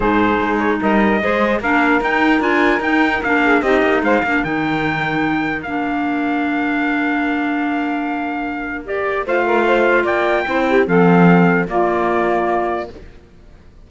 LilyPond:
<<
  \new Staff \with { instrumentName = "trumpet" } { \time 4/4 \tempo 4 = 149 c''4. cis''8 dis''2 | f''4 g''4 gis''4 g''4 | f''4 dis''4 f''4 g''4~ | g''2 f''2~ |
f''1~ | f''2 d''4 f''4~ | f''4 g''2 f''4~ | f''4 d''2. | }
  \new Staff \with { instrumentName = "saxophone" } { \time 4/4 gis'2 ais'4 c''4 | ais'1~ | ais'8 gis'8 g'4 c''8 ais'4.~ | ais'1~ |
ais'1~ | ais'2. c''8 ais'8 | c''4 d''4 c''8 g'8 a'4~ | a'4 f'2. | }
  \new Staff \with { instrumentName = "clarinet" } { \time 4/4 dis'2. gis'4 | d'4 dis'4 f'4 dis'4 | d'4 dis'4. d'8 dis'4~ | dis'2 d'2~ |
d'1~ | d'2 g'4 f'4~ | f'2 e'4 c'4~ | c'4 ais2. | }
  \new Staff \with { instrumentName = "cello" } { \time 4/4 gis,4 gis4 g4 gis4 | ais4 dis'4 d'4 dis'4 | ais4 c'8 ais8 gis8 ais8 dis4~ | dis2 ais2~ |
ais1~ | ais2. a4~ | a4 ais4 c'4 f4~ | f4 ais2. | }
>>